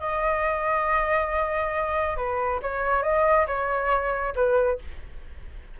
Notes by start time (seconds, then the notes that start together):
0.00 D#5
2.17 B4
2.62 C#5
3.03 D#5
3.47 C#5
4.35 B4